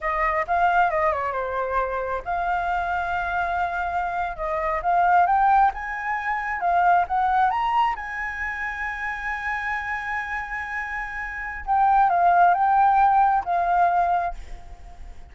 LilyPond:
\new Staff \with { instrumentName = "flute" } { \time 4/4 \tempo 4 = 134 dis''4 f''4 dis''8 cis''8 c''4~ | c''4 f''2.~ | f''4.~ f''16 dis''4 f''4 g''16~ | g''8. gis''2 f''4 fis''16~ |
fis''8. ais''4 gis''2~ gis''16~ | gis''1~ | gis''2 g''4 f''4 | g''2 f''2 | }